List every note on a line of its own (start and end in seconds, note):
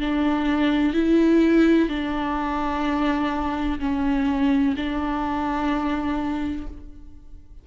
0.00 0.94 D4
0.94 1.89 E4
1.89 3.79 D4
3.80 4.75 C#4
4.77 6.67 D4